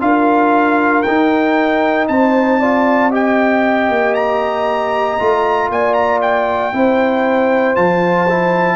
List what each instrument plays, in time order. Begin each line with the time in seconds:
0.00 tuba D4, trombone F4, horn A#4, trumpet F5
1.03 trombone D#4, tuba D#4, trumpet G5
2.08 tuba C4, horn C5, trumpet A5
2.59 trombone F4, horn D5
3.11 trombone G4, horn D#5, trumpet G5
3.89 tuba A#3
4.14 trumpet A#5
5.19 tuba A3, trombone F4
5.69 tuba A#3, horn D5, trumpet G#5
5.94 trumpet A#5
6.22 trumpet G5
6.73 tuba C4, trombone E4, horn C5
7.75 tuba F3, trombone F4, trumpet A5
8.29 trombone E4